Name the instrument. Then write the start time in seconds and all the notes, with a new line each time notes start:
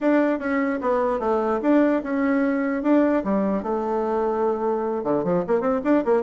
bassoon
0.00 D4
0.39 C#4
0.81 B3
1.19 A3
1.62 D4
2.03 C#4
2.82 D4
3.23 G3
3.62 A3
5.03 D3
5.23 F3
5.47 A#3
5.60 C4
5.84 D4
6.05 A#3